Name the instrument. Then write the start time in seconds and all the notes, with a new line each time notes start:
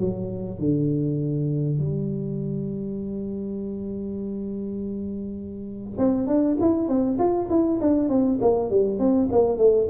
tuba
0.00 F#3
0.59 D3
1.79 G3
5.98 C4
6.27 D4
6.61 E4
6.88 C4
7.19 F4
7.50 E4
7.81 D4
8.09 C4
8.42 A#3
8.70 G3
8.99 C4
9.32 A#3
9.58 A3